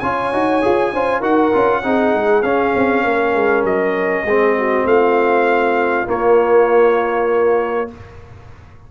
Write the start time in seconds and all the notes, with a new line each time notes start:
0.00 C#4 F4 C#5 G#5
0.33 D#4 F#4
0.62 F4 G#4
0.93 C#4 F4 C5
1.20 D#4 F#4 A#4 F#5
1.53 C#4 F4
1.83 C4 D#4 G#4
2.14 G#3
2.43 C#4 F5
2.76 C4
3.04 A#3 A#4
3.35 G#3
3.64 F#3 D#5
4.24 G#3 C4 G#4
4.58 F#4
4.85 A3 F4 F5
6.07 A#3 C#5